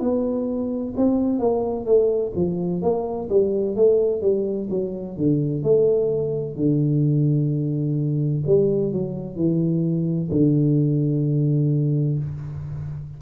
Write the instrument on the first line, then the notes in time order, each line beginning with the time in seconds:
tuba
0.00 B3
0.97 C4
1.39 A#3
1.85 A3
2.35 F3
2.82 A#3
3.29 G3
3.75 A3
4.21 G3
4.70 F#3
5.16 D3
5.63 A3
6.56 D3
8.46 G3
8.92 F#3
9.36 E3
10.31 D3